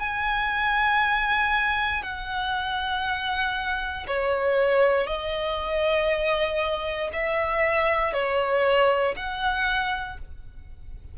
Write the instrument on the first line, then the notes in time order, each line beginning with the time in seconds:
violin
0.00 G#5
2.03 F#5
4.08 C#5
5.07 D#5
7.13 E5
8.14 C#5
9.17 F#5